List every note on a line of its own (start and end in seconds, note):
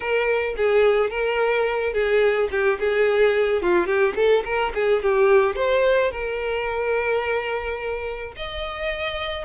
0.00 0.55 A#4
0.56 1.10 G#4
1.10 1.93 A#4
1.93 2.48 G#4
2.51 2.79 G4
2.79 3.62 G#4
3.62 3.86 F4
3.86 4.14 G4
4.15 4.43 A4
4.44 4.72 A#4
4.74 5.02 G#4
5.02 5.55 G4
5.55 6.11 C5
6.11 8.33 A#4
8.36 9.44 D#5